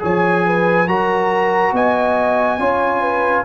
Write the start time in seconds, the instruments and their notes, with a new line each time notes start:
0.00 tuba F3, trombone G#4, horn C#5, trumpet G#5
0.46 horn B4
0.88 tuba F#3, trombone F#4, horn A#4, trumpet A#5
1.73 tuba B3, horn D#5, trumpet G#5
2.59 tuba C#4, trombone F4, horn C#5
3.01 horn B4